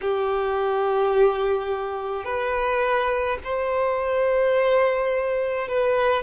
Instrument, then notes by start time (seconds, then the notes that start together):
violin
0.01 G4
2.24 B4
3.44 C5
5.68 B4